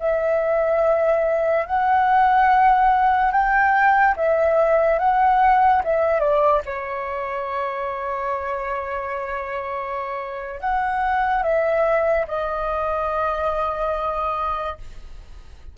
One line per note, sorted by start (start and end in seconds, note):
0.00 1.66 E5
1.66 3.31 F#5
3.31 4.15 G5
4.17 4.99 E5
4.99 5.83 F#5
5.84 6.20 E5
6.20 6.62 D5
6.66 10.61 C#5
10.61 11.43 F#5
11.43 12.27 E5
12.28 14.78 D#5